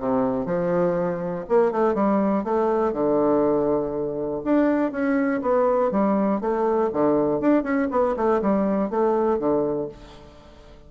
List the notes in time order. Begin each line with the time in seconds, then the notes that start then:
0.00 C3
0.46 F3
1.49 A#3
1.72 A3
1.95 G3
2.44 A3
2.93 D3
4.44 D4
4.92 C#4
5.42 B3
5.92 G3
6.41 A3
6.93 D3
7.40 D4
7.64 C#4
7.91 B3
8.17 A3
8.42 G3
8.90 A3
9.39 D3